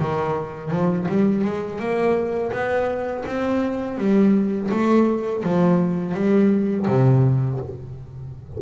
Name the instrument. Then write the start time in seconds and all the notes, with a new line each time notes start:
double bass
0.00 D#3
0.71 F3
1.09 G3
1.45 G#3
1.80 A#3
2.52 B3
3.26 C4
3.98 G3
4.72 A3
5.44 F3
6.14 G3
6.88 C3